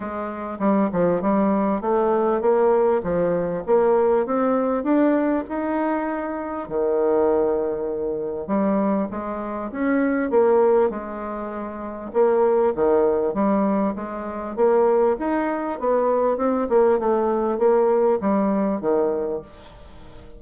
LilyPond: \new Staff \with { instrumentName = "bassoon" } { \time 4/4 \tempo 4 = 99 gis4 g8 f8 g4 a4 | ais4 f4 ais4 c'4 | d'4 dis'2 dis4~ | dis2 g4 gis4 |
cis'4 ais4 gis2 | ais4 dis4 g4 gis4 | ais4 dis'4 b4 c'8 ais8 | a4 ais4 g4 dis4 | }